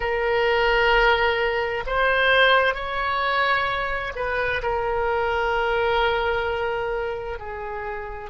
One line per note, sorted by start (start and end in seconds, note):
0.00 1.83 A#4
1.86 2.74 C5
2.74 4.12 C#5
4.15 4.62 B4
4.62 7.38 A#4
7.38 8.30 G#4